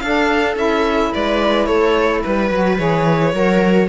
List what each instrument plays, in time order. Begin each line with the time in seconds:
0.00 cello D4, saxophone D4, viola A4, violin F5
0.57 cello C#4, saxophone E4, violin E5
1.13 cello G#3, viola B4, violin D5
1.67 cello A3, viola A4, violin C#5
2.23 cello G3, violin B4, viola B4
2.51 cello F#3, saxophone F#4
2.78 cello E3, saxophone G#4, violin C#5
3.34 cello F#3, saxophone F#4, viola A#4